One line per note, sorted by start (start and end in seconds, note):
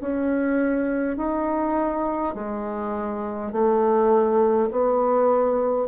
0.00 1.17 C#4
1.17 2.34 D#4
2.34 3.52 G#3
3.52 4.70 A3
4.71 5.88 B3